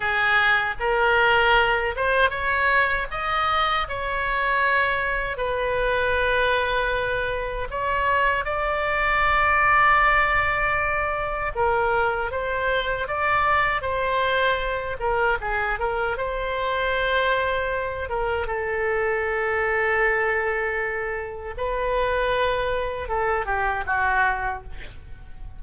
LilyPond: \new Staff \with { instrumentName = "oboe" } { \time 4/4 \tempo 4 = 78 gis'4 ais'4. c''8 cis''4 | dis''4 cis''2 b'4~ | b'2 cis''4 d''4~ | d''2. ais'4 |
c''4 d''4 c''4. ais'8 | gis'8 ais'8 c''2~ c''8 ais'8 | a'1 | b'2 a'8 g'8 fis'4 | }